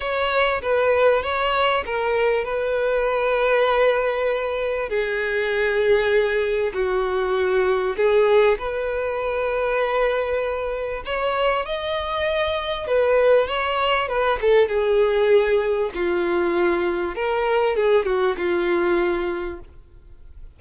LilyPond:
\new Staff \with { instrumentName = "violin" } { \time 4/4 \tempo 4 = 98 cis''4 b'4 cis''4 ais'4 | b'1 | gis'2. fis'4~ | fis'4 gis'4 b'2~ |
b'2 cis''4 dis''4~ | dis''4 b'4 cis''4 b'8 a'8 | gis'2 f'2 | ais'4 gis'8 fis'8 f'2 | }